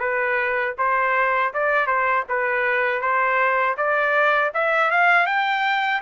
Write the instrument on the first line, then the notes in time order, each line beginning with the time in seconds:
trumpet
0.00 B4
0.78 C5
1.54 D5
1.87 C5
2.29 B4
3.01 C5
3.77 D5
4.54 E5
4.91 F5
5.27 G5